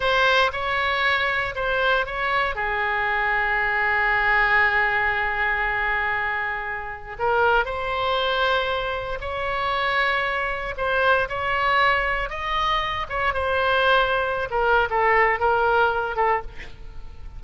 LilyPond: \new Staff \with { instrumentName = "oboe" } { \time 4/4 \tempo 4 = 117 c''4 cis''2 c''4 | cis''4 gis'2.~ | gis'1~ | gis'2 ais'4 c''4~ |
c''2 cis''2~ | cis''4 c''4 cis''2 | dis''4. cis''8 c''2~ | c''16 ais'8. a'4 ais'4. a'8 | }